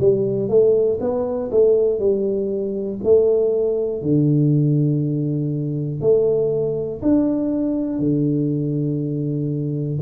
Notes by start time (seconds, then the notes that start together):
0.00 G3
0.50 A3
1.01 B3
1.51 A3
2.00 G3
3.04 A3
4.02 D3
6.01 A3
7.02 D4
8.00 D3